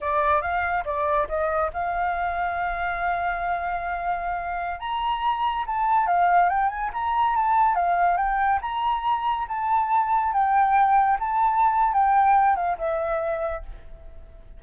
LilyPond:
\new Staff \with { instrumentName = "flute" } { \time 4/4 \tempo 4 = 141 d''4 f''4 d''4 dis''4 | f''1~ | f''2.~ f''16 ais''8.~ | ais''4~ ais''16 a''4 f''4 g''8 gis''16~ |
gis''16 ais''4 a''4 f''4 g''8.~ | g''16 ais''2 a''4.~ a''16~ | a''16 g''2 a''4.~ a''16 | g''4. f''8 e''2 | }